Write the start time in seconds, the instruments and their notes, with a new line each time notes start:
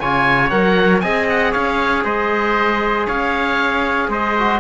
0.00 cello C#3, trombone F4, trumpet C#5, oboe G#5
0.50 cello F#3, trombone A#4, oboe F#5
1.00 cello C4, trombone G#4, trumpet D#5, oboe G#5
1.30 oboe F#5
1.52 cello C#4, trumpet C#5, oboe F5
2.04 cello G#3, trumpet C5, oboe D#5
3.07 cello C#4, trumpet C#5, oboe F5
4.09 cello G#3, trumpet C5, oboe D#5
4.38 trombone F#4